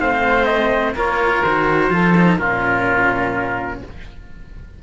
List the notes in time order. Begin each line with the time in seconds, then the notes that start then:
0.00 A3 C4 C5 F5
0.45 D#5
0.95 A#3 F4 A#4 C#5
1.44 D#3 F#4 C5
1.90 F3 F4 A4
2.17 D#4
2.38 A#2 C#4 F4 A#4